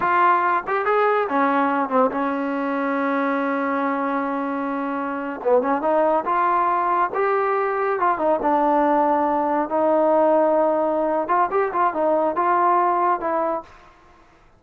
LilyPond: \new Staff \with { instrumentName = "trombone" } { \time 4/4 \tempo 4 = 141 f'4. g'8 gis'4 cis'4~ | cis'8 c'8 cis'2.~ | cis'1~ | cis'8. b8 cis'8 dis'4 f'4~ f'16~ |
f'8. g'2 f'8 dis'8 d'16~ | d'2~ d'8. dis'4~ dis'16~ | dis'2~ dis'8 f'8 g'8 f'8 | dis'4 f'2 e'4 | }